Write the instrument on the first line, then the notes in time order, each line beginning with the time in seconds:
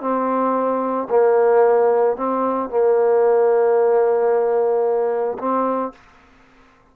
trombone
0.00 C4
1.10 A#3
2.16 C4
2.69 A#3
5.38 C4